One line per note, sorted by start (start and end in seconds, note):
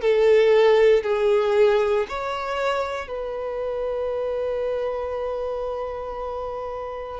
0.00 1.03 A4
1.03 2.06 G#4
2.08 3.08 C#5
3.08 7.19 B4